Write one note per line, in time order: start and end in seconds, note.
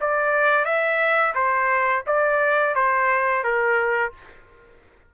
0.00 0.65 D5
0.65 1.34 E5
1.34 2.03 C5
2.06 2.75 D5
2.75 3.43 C5
3.43 4.12 A#4